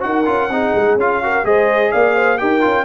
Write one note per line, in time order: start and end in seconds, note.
0.00 0.27 D#4
0.00 0.24 F#4
0.00 0.52 A#4
0.00 0.97 F#5
0.25 0.49 C#4
0.25 0.49 F4
0.49 0.73 C4
0.49 0.98 D#4
0.49 1.23 G#4
0.75 0.96 G#3
0.96 1.43 C#4
0.96 1.23 F4
0.96 1.45 F5
1.23 1.44 F#4
1.23 1.46 A#4
1.44 1.91 G#3
1.44 2.38 G#4
1.44 1.91 C5
1.44 1.91 D#5
1.91 2.41 A#3
1.91 2.15 D5
1.91 2.37 F5
2.15 2.39 C5
2.37 2.64 D#4
2.37 2.61 G4
2.37 2.85 A#4
2.37 2.85 G5
2.61 2.85 C#4
2.61 2.84 F4